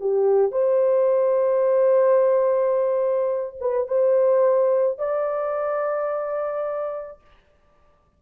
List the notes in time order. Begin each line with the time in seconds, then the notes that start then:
0.00 G4
0.52 C5
3.61 B4
3.88 C5
4.98 D5